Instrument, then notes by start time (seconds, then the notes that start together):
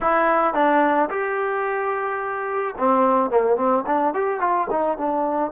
trombone
0.01 E4
0.54 D4
1.09 G4
2.77 C4
3.30 A#3
3.56 C4
3.86 D4
4.14 G4
4.40 F4
4.70 D#4
4.97 D4